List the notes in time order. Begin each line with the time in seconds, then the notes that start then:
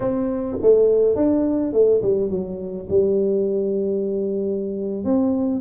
0.00 C4
0.61 A3
1.15 D4
1.73 A3
2.02 G3
2.29 F#3
2.89 G3
5.04 C4